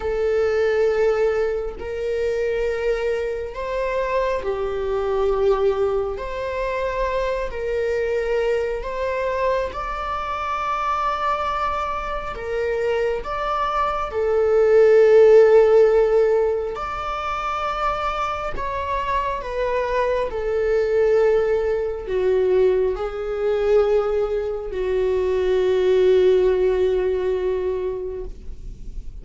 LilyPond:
\new Staff \with { instrumentName = "viola" } { \time 4/4 \tempo 4 = 68 a'2 ais'2 | c''4 g'2 c''4~ | c''8 ais'4. c''4 d''4~ | d''2 ais'4 d''4 |
a'2. d''4~ | d''4 cis''4 b'4 a'4~ | a'4 fis'4 gis'2 | fis'1 | }